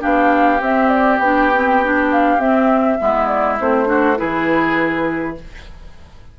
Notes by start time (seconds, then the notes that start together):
0.00 B3 D4 G4 F5
0.61 C4 E5
0.89 D5
1.19 B3 D4 G5
1.55 C4
1.84 D4
2.12 F5
2.39 C4 E5
3.00 G#3 B3 E4
3.28 D5
3.61 A3 C4 C5
3.86 D4 F#4
4.16 E3 E4 G#4 B4